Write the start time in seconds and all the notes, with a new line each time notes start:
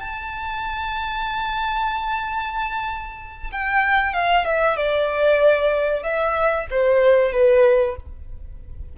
0.00 A5
3.52 G5
4.14 F5
4.45 E5
4.77 D5
6.03 E5
6.71 C5
7.32 B4